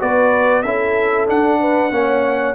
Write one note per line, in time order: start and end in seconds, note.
0.00 0.65 B3
0.00 0.64 F#4
0.00 0.64 B4
0.00 0.63 D5
0.63 1.28 C#4
0.63 1.27 E4
0.63 1.61 A4
0.63 1.26 E5
1.27 1.91 D4
1.27 1.92 D4
1.27 2.55 F#5
1.61 1.93 B4
1.91 2.55 A#3
1.91 2.55 C#4
1.91 2.55 C#5